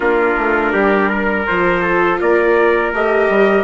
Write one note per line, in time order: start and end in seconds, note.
0.00 0.34 A#3
0.00 1.46 D4
0.00 0.73 F4
0.00 1.45 A#4
0.37 0.73 A3
0.73 1.46 G3
0.73 1.09 G4
1.09 1.82 A#4
1.46 2.21 F3
1.46 2.94 F4
1.46 2.19 C5
1.82 2.19 A4
2.20 2.92 A#3
2.20 3.64 A#4
2.20 2.94 D5
2.92 3.29 A3
2.92 3.64 G4
2.92 3.64 D#5
3.29 3.64 G3